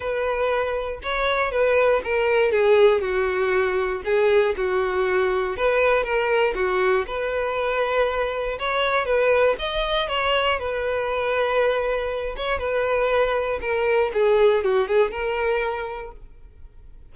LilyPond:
\new Staff \with { instrumentName = "violin" } { \time 4/4 \tempo 4 = 119 b'2 cis''4 b'4 | ais'4 gis'4 fis'2 | gis'4 fis'2 b'4 | ais'4 fis'4 b'2~ |
b'4 cis''4 b'4 dis''4 | cis''4 b'2.~ | b'8 cis''8 b'2 ais'4 | gis'4 fis'8 gis'8 ais'2 | }